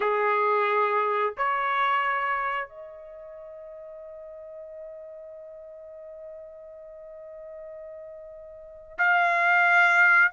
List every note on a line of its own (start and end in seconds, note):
0.00 1.33 G#4
1.37 2.68 C#5
2.68 8.98 D#5
8.98 10.31 F5